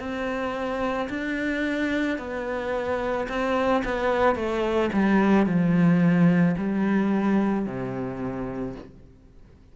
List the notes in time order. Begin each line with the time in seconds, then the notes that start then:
0.00 C4
1.10 D4
2.19 B3
3.29 C4
3.85 B3
4.36 A3
4.93 G3
5.46 F3
6.58 G3
7.67 C3